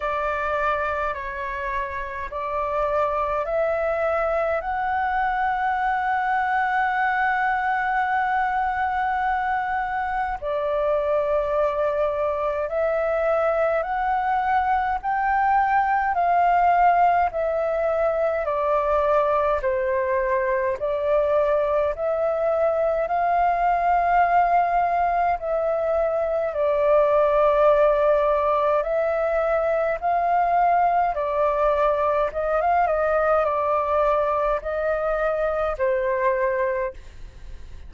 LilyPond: \new Staff \with { instrumentName = "flute" } { \time 4/4 \tempo 4 = 52 d''4 cis''4 d''4 e''4 | fis''1~ | fis''4 d''2 e''4 | fis''4 g''4 f''4 e''4 |
d''4 c''4 d''4 e''4 | f''2 e''4 d''4~ | d''4 e''4 f''4 d''4 | dis''16 f''16 dis''8 d''4 dis''4 c''4 | }